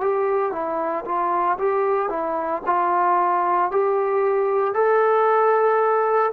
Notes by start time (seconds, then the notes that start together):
0.00 G4
0.52 E4
1.05 F4
1.58 G4
2.09 E4
2.66 F4
3.71 G4
4.74 A4